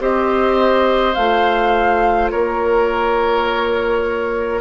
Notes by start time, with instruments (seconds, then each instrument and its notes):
0.00 bassoon C4, clarinet G4, oboe C5, flute D#5
1.14 bassoon A3, clarinet F4, flute F5
2.31 bassoon A#3, oboe A#4, flute C#5